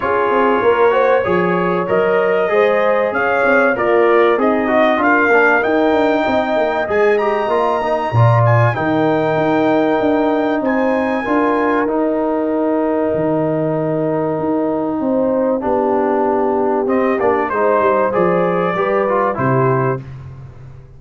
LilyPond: <<
  \new Staff \with { instrumentName = "trumpet" } { \time 4/4 \tempo 4 = 96 cis''2. dis''4~ | dis''4 f''4 d''4 dis''4 | f''4 g''2 gis''8 ais''8~ | ais''4. gis''8 g''2~ |
g''4 gis''2 g''4~ | g''1~ | g''2. dis''8 d''8 | c''4 d''2 c''4 | }
  \new Staff \with { instrumentName = "horn" } { \time 4/4 gis'4 ais'8 c''8 cis''2 | c''4 cis''4 f'4 dis'4 | ais'2 dis''2~ | dis''4 d''4 ais'2~ |
ais'4 c''4 ais'2~ | ais'1 | c''4 g'2. | c''2 b'4 g'4 | }
  \new Staff \with { instrumentName = "trombone" } { \time 4/4 f'4. fis'8 gis'4 ais'4 | gis'2 ais'4 gis'8 fis'8 | f'8 d'8 dis'2 gis'8 g'8 | f'8 dis'8 f'4 dis'2~ |
dis'2 f'4 dis'4~ | dis'1~ | dis'4 d'2 c'8 d'8 | dis'4 gis'4 g'8 f'8 e'4 | }
  \new Staff \with { instrumentName = "tuba" } { \time 4/4 cis'8 c'8 ais4 f4 fis4 | gis4 cis'8 c'8 ais4 c'4 | d'8 ais8 dis'8 d'8 c'8 ais8 gis4 | ais4 ais,4 dis4 dis'4 |
d'4 c'4 d'4 dis'4~ | dis'4 dis2 dis'4 | c'4 b2 c'8 ais8 | gis8 g8 f4 g4 c4 | }
>>